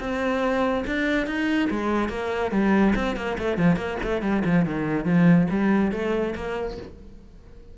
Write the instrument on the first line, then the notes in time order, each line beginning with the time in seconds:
cello
0.00 C4
0.87 D4
1.27 D#4
1.70 G#3
2.09 A#3
2.52 G3
2.95 C4
3.16 A#3
3.38 A3
3.58 F3
3.77 A#3
4.03 A3
4.22 G3
4.45 F3
4.66 D#3
5.05 F3
5.50 G3
5.92 A3
6.36 A#3